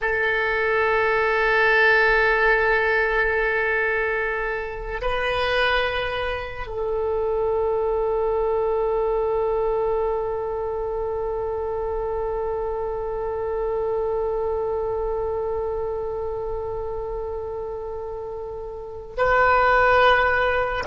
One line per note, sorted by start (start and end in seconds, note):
0.01 5.01 A4
5.01 6.67 B4
6.67 19.17 A4
19.17 20.83 B4